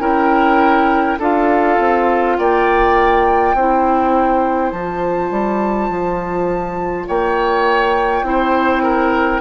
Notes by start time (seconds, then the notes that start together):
0.00 C#4 E4 A#4 G5
1.19 D4 F4 A4 F5
1.79 C4
2.37 A#3 D5 G5
3.54 C4 E4 C5
4.71 F3 F4 A5
5.31 G3
5.89 F3
7.07 A#3 C#5 G5
8.23 C4 E4
8.29 C5
8.83 A#4